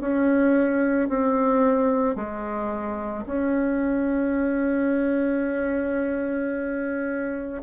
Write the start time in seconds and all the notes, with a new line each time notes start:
0.00 C#4
1.09 C4
2.15 G#3
3.26 C#4